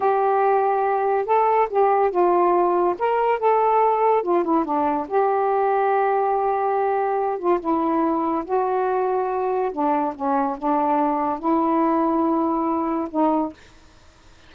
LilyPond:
\new Staff \with { instrumentName = "saxophone" } { \time 4/4 \tempo 4 = 142 g'2. a'4 | g'4 f'2 ais'4 | a'2 f'8 e'8 d'4 | g'1~ |
g'4. f'8 e'2 | fis'2. d'4 | cis'4 d'2 e'4~ | e'2. dis'4 | }